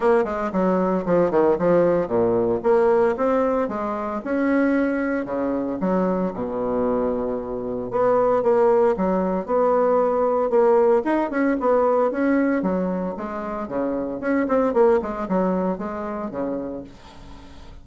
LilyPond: \new Staff \with { instrumentName = "bassoon" } { \time 4/4 \tempo 4 = 114 ais8 gis8 fis4 f8 dis8 f4 | ais,4 ais4 c'4 gis4 | cis'2 cis4 fis4 | b,2. b4 |
ais4 fis4 b2 | ais4 dis'8 cis'8 b4 cis'4 | fis4 gis4 cis4 cis'8 c'8 | ais8 gis8 fis4 gis4 cis4 | }